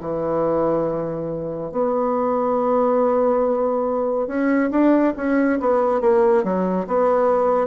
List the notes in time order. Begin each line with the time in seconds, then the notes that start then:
0.00 E3
1.71 B3
4.27 C#4
4.71 D4
5.16 C#4
5.59 B3
6.00 A#3
6.43 F#3
6.86 B3